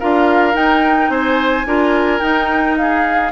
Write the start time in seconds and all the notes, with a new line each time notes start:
0.00 D4 F4 A#4 F5
0.54 D#4 G5
1.09 C4 C5 G#5
1.66 D4 F4 A#4
2.20 D#4 G5
2.77 G#4 F5